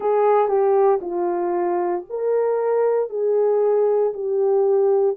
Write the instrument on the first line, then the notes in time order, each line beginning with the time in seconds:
horn
0.00 G#4
0.47 G4
1.01 F4
2.09 A#4
3.09 G#4
4.13 G4